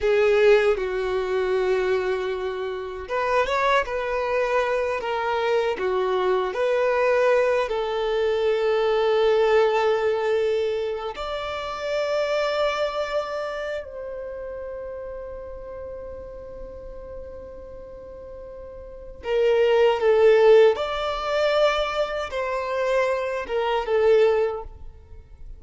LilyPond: \new Staff \with { instrumentName = "violin" } { \time 4/4 \tempo 4 = 78 gis'4 fis'2. | b'8 cis''8 b'4. ais'4 fis'8~ | fis'8 b'4. a'2~ | a'2~ a'8 d''4.~ |
d''2 c''2~ | c''1~ | c''4 ais'4 a'4 d''4~ | d''4 c''4. ais'8 a'4 | }